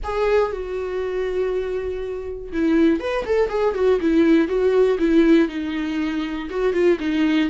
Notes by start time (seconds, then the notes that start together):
0.03 G#4
0.52 F#4
2.52 E4
3.00 B4
3.25 A4
3.49 G#4
3.74 F#4
4.00 E4
4.47 F#4
4.98 E4
5.48 D#4
6.50 F#4
6.73 F4
6.99 D#4